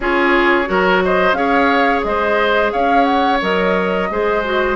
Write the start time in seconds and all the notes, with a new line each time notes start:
0.00 C#4 F4 G#4 C#5
0.65 F#3 F#4 A#4
1.04 C5 D#5
1.32 C#4 G#4 C#5 F5
2.03 G#3 C5 D#5
2.72 C#4 C#5 F5
3.04 F#5
3.41 F#3 A#4 D#5
4.10 G#3 G#4 C5
4.44 F#4